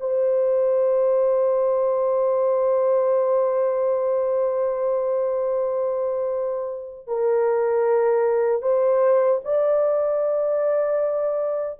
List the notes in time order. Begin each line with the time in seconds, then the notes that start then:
0.00 C5
7.07 A#4
8.62 C5
9.44 D5